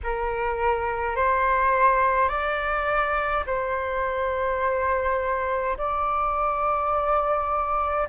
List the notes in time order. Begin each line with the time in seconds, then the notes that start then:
0.03 A#4
1.15 C5
2.28 D5
3.46 C5
5.77 D5